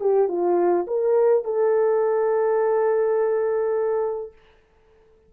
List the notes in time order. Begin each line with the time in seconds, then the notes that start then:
0.00 G4
0.28 F4
0.87 A#4
1.44 A4